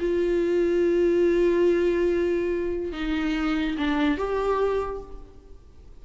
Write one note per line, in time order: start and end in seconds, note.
0.00 2.93 F4
2.93 3.77 D#4
3.78 4.18 D4
4.18 5.02 G4